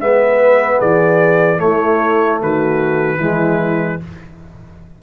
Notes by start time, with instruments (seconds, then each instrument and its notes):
0.00 tuba G#3, trombone B3, horn B4, trumpet E5
0.79 tuba E3, horn G#4, trumpet D5
1.58 trombone A3, tuba A3, horn E4, trumpet C#5
2.41 tuba D#3, horn F#4, trumpet B4
3.19 tuba E3, trombone G#3, horn E4